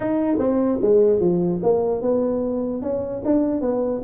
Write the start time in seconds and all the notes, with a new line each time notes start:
0.00 D#4
0.38 C4
0.81 G#3
1.20 F3
1.62 A#3
2.01 B3
2.82 C#4
3.24 D4
3.61 B3